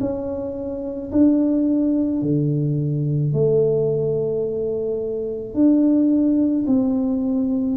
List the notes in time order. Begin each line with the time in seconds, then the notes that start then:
0.00 C#4
1.12 D4
2.22 D3
3.33 A3
5.54 D4
6.67 C4